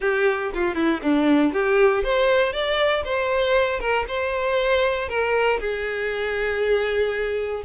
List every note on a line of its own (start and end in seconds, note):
0.00 0.51 G4
0.53 0.74 F4
0.74 1.00 E4
1.02 1.53 D4
1.53 2.03 G4
2.03 2.52 C5
2.52 3.03 D5
3.04 3.80 C5
3.80 4.05 A#4
4.07 5.08 C5
5.08 5.59 A#4
5.60 7.63 G#4